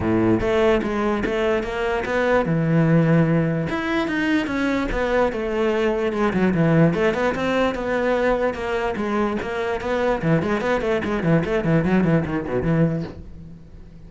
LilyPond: \new Staff \with { instrumentName = "cello" } { \time 4/4 \tempo 4 = 147 a,4 a4 gis4 a4 | ais4 b4 e2~ | e4 e'4 dis'4 cis'4 | b4 a2 gis8 fis8 |
e4 a8 b8 c'4 b4~ | b4 ais4 gis4 ais4 | b4 e8 gis8 b8 a8 gis8 e8 | a8 e8 fis8 e8 dis8 b,8 e4 | }